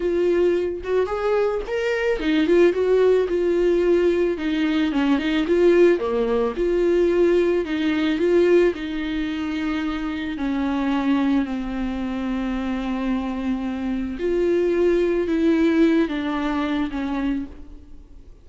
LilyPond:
\new Staff \with { instrumentName = "viola" } { \time 4/4 \tempo 4 = 110 f'4. fis'8 gis'4 ais'4 | dis'8 f'8 fis'4 f'2 | dis'4 cis'8 dis'8 f'4 ais4 | f'2 dis'4 f'4 |
dis'2. cis'4~ | cis'4 c'2.~ | c'2 f'2 | e'4. d'4. cis'4 | }